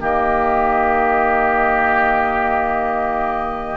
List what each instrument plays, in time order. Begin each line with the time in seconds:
0.00 bassoon D#3, clarinet A#3, oboe G4, flute D#5